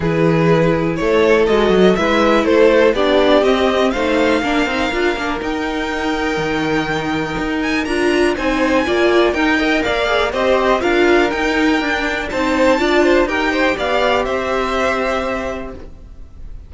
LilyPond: <<
  \new Staff \with { instrumentName = "violin" } { \time 4/4 \tempo 4 = 122 b'2 cis''4 dis''4 | e''4 c''4 d''4 dis''4 | f''2. g''4~ | g''2.~ g''8 gis''8 |
ais''4 gis''2 g''4 | f''4 dis''4 f''4 g''4~ | g''4 a''2 g''4 | f''4 e''2. | }
  \new Staff \with { instrumentName = "violin" } { \time 4/4 gis'2 a'2 | b'4 a'4 g'2 | c''4 ais'2.~ | ais'1~ |
ais'4 c''4 d''4 ais'8 dis''8 | d''4 c''4 ais'2~ | ais'4 c''4 d''8 c''8 ais'8 c''8 | d''4 c''2. | }
  \new Staff \with { instrumentName = "viola" } { \time 4/4 e'2. fis'4 | e'2 d'4 c'4 | dis'4 d'8 dis'8 f'8 d'8 dis'4~ | dis'1 |
f'4 dis'4 f'4 dis'8 ais'8~ | ais'8 gis'8 g'4 f'4 dis'4 | d'4 dis'4 f'4 g'4~ | g'1 | }
  \new Staff \with { instrumentName = "cello" } { \time 4/4 e2 a4 gis8 fis8 | gis4 a4 b4 c'4 | a4 ais8 c'8 d'8 ais8 dis'4~ | dis'4 dis2 dis'4 |
d'4 c'4 ais4 dis'4 | ais4 c'4 d'4 dis'4 | d'4 c'4 d'4 dis'4 | b4 c'2. | }
>>